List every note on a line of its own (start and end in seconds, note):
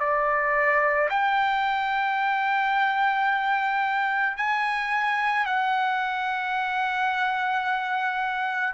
0.00 1.09 D5
1.10 4.37 G5
4.37 5.46 G#5
5.46 8.74 F#5